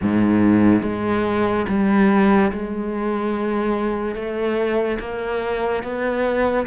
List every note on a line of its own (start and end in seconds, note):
0.01 0.82 G#2
0.82 1.66 G#3
1.68 2.52 G3
2.52 4.15 G#3
4.15 4.98 A3
4.99 5.83 A#3
5.83 6.66 B3